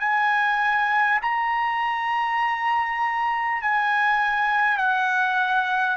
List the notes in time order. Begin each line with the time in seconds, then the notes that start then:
0.00 G#5
1.22 A#5
3.62 G#5
4.78 F#5